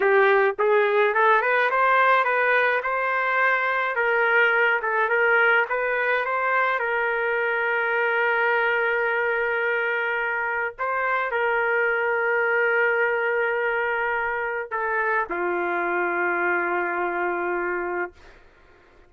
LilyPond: \new Staff \with { instrumentName = "trumpet" } { \time 4/4 \tempo 4 = 106 g'4 gis'4 a'8 b'8 c''4 | b'4 c''2 ais'4~ | ais'8 a'8 ais'4 b'4 c''4 | ais'1~ |
ais'2. c''4 | ais'1~ | ais'2 a'4 f'4~ | f'1 | }